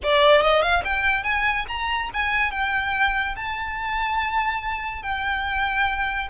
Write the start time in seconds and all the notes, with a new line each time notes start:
0.03 D5
0.41 D#5
0.62 F5
0.84 G5
1.23 G#5
1.68 A#5
2.13 G#5
2.51 G5
3.35 A5
5.02 G5